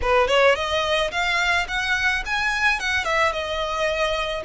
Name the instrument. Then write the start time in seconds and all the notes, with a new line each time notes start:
violin
0.02 B4
0.27 C#5
0.55 D#5
1.11 F5
1.67 F#5
2.25 G#5
2.79 F#5
3.04 E5
3.32 D#5